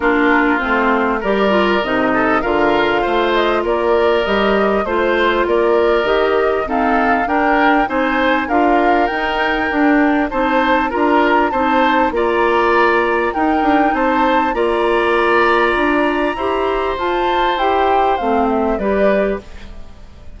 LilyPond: <<
  \new Staff \with { instrumentName = "flute" } { \time 4/4 \tempo 4 = 99 ais'4 c''4 d''4 dis''4 | f''4. dis''8 d''4 dis''4 | c''4 d''4 dis''4 f''4 | g''4 gis''4 f''4 g''4~ |
g''4 a''4 ais''4 a''4 | ais''2 g''4 a''4 | ais''1 | a''4 g''4 f''8 e''8 d''4 | }
  \new Staff \with { instrumentName = "oboe" } { \time 4/4 f'2 ais'4. a'8 | ais'4 c''4 ais'2 | c''4 ais'2 a'4 | ais'4 c''4 ais'2~ |
ais'4 c''4 ais'4 c''4 | d''2 ais'4 c''4 | d''2. c''4~ | c''2. b'4 | }
  \new Staff \with { instrumentName = "clarinet" } { \time 4/4 d'4 c'4 g'8 f'8 dis'4 | f'2. g'4 | f'2 g'4 c'4 | d'4 dis'4 f'4 dis'4 |
d'4 dis'4 f'4 dis'4 | f'2 dis'2 | f'2. g'4 | f'4 g'4 c'4 g'4 | }
  \new Staff \with { instrumentName = "bassoon" } { \time 4/4 ais4 a4 g4 c4 | d4 a4 ais4 g4 | a4 ais4 dis4 dis'4 | d'4 c'4 d'4 dis'4 |
d'4 c'4 d'4 c'4 | ais2 dis'8 d'8 c'4 | ais2 d'4 e'4 | f'4 e'4 a4 g4 | }
>>